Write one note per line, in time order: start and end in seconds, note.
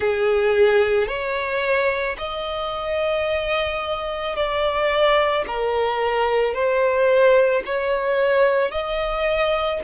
0.00 1.07 G#4
1.07 2.16 C#5
2.18 4.35 D#5
4.35 5.44 D5
5.47 6.54 A#4
6.54 7.63 C5
7.65 8.71 C#5
8.71 9.80 D#5